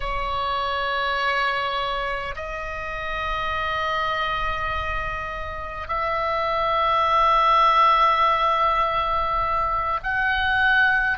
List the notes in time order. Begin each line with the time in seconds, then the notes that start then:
0.00 C#5
2.35 D#5
5.88 E5
10.03 F#5